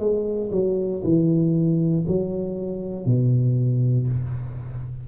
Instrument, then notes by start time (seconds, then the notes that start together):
tuba
0.00 G#3
0.52 F#3
1.04 E3
2.08 F#3
3.06 B2